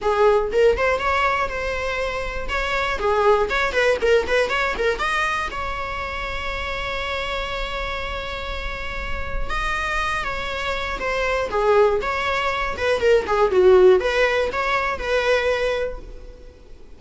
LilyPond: \new Staff \with { instrumentName = "viola" } { \time 4/4 \tempo 4 = 120 gis'4 ais'8 c''8 cis''4 c''4~ | c''4 cis''4 gis'4 cis''8 b'8 | ais'8 b'8 cis''8 ais'8 dis''4 cis''4~ | cis''1~ |
cis''2. dis''4~ | dis''8 cis''4. c''4 gis'4 | cis''4. b'8 ais'8 gis'8 fis'4 | b'4 cis''4 b'2 | }